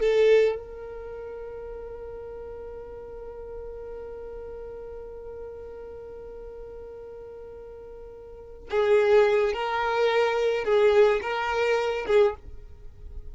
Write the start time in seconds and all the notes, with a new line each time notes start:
0.00 A4
0.56 A#4
8.70 G#4
9.53 A#4
10.65 G#4
11.22 A#4
12.07 G#4